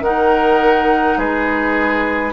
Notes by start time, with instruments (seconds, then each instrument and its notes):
0.00 bassoon D#3, clarinet D#4, oboe A#4, flute F#5
1.17 bassoon G#3, oboe G#4, flute B4